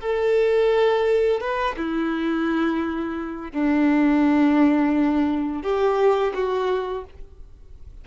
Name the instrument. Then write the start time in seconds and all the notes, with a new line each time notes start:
violin
0.00 A4
1.40 B4
1.76 E4
3.52 D4
5.62 G4
6.34 F#4